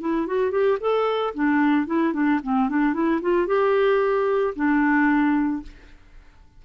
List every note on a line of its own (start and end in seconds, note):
0.00 0.27 E4
0.27 0.51 F#4
0.51 0.78 G4
0.80 1.34 A4
1.34 1.86 D4
1.86 2.13 E4
2.13 2.40 D4
2.43 2.69 C4
2.69 2.93 D4
2.93 3.20 E4
3.21 3.47 F4
3.47 4.54 G4
4.55 5.62 D4